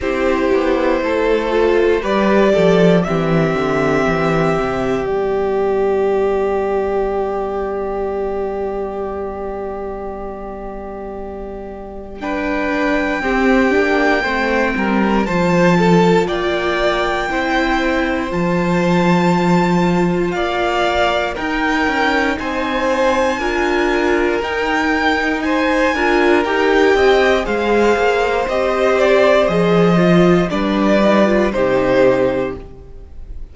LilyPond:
<<
  \new Staff \with { instrumentName = "violin" } { \time 4/4 \tempo 4 = 59 c''2 d''4 e''4~ | e''4 d''2.~ | d''1 | g''2. a''4 |
g''2 a''2 | f''4 g''4 gis''2 | g''4 gis''4 g''4 f''4 | dis''8 d''8 dis''4 d''4 c''4 | }
  \new Staff \with { instrumentName = "violin" } { \time 4/4 g'4 a'4 b'8 a'8 g'4~ | g'1~ | g'1 | b'4 g'4 c''8 ais'8 c''8 a'8 |
d''4 c''2. | d''4 ais'4 c''4 ais'4~ | ais'4 c''8 ais'4 dis''8 c''4~ | c''2 b'4 g'4 | }
  \new Staff \with { instrumentName = "viola" } { \time 4/4 e'4. f'8 g'4 c'4~ | c'4 b2.~ | b1 | d'4 c'8 d'8 c'4 f'4~ |
f'4 e'4 f'2~ | f'4 dis'2 f'4 | dis'4. f'8 g'4 gis'4 | g'4 gis'8 f'8 d'8 dis'16 f'16 dis'4 | }
  \new Staff \with { instrumentName = "cello" } { \time 4/4 c'8 b8 a4 g8 f8 e8 d8 | e8 c8 g2.~ | g1~ | g4 c'8 ais8 a8 g8 f4 |
ais4 c'4 f2 | ais4 dis'8 cis'8 c'4 d'4 | dis'4. d'8 dis'8 c'8 gis8 ais8 | c'4 f4 g4 c4 | }
>>